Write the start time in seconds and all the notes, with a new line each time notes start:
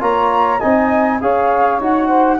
0.00 A#3 F4 C#5 A#5
0.59 C4 D#4 D#5 G#5
1.21 C#4 G#4 C#5 F5
1.80 D#4 F#4 F#5
2.07 C5